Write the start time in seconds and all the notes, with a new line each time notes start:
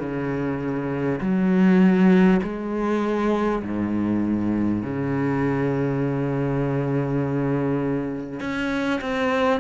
0.00 C#3
1.21 F#3
2.43 G#3
3.63 G#2
4.83 C#3
8.41 C#4
9.01 C4